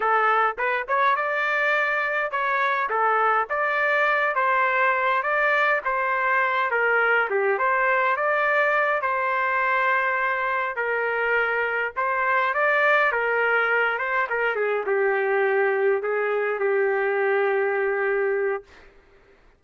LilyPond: \new Staff \with { instrumentName = "trumpet" } { \time 4/4 \tempo 4 = 103 a'4 b'8 cis''8 d''2 | cis''4 a'4 d''4. c''8~ | c''4 d''4 c''4. ais'8~ | ais'8 g'8 c''4 d''4. c''8~ |
c''2~ c''8 ais'4.~ | ais'8 c''4 d''4 ais'4. | c''8 ais'8 gis'8 g'2 gis'8~ | gis'8 g'2.~ g'8 | }